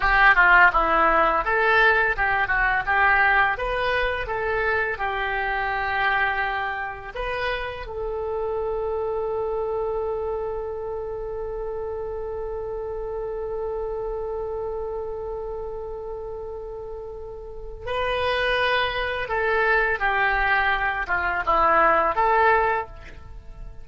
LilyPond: \new Staff \with { instrumentName = "oboe" } { \time 4/4 \tempo 4 = 84 g'8 f'8 e'4 a'4 g'8 fis'8 | g'4 b'4 a'4 g'4~ | g'2 b'4 a'4~ | a'1~ |
a'1~ | a'1~ | a'4 b'2 a'4 | g'4. f'8 e'4 a'4 | }